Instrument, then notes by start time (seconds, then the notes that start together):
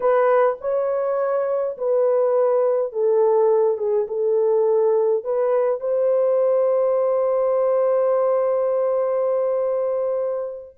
horn
0.00 B4
0.60 C#5
1.77 B4
2.92 A4
3.77 G#4
4.07 A4
5.23 B4
5.80 C5